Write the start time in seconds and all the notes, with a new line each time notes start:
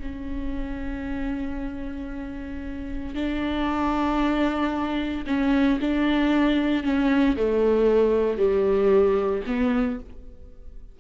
0.00 C#4
3.15 D4
5.27 C#4
5.81 D4
6.84 C#4
7.37 A3
8.38 G3
9.47 B3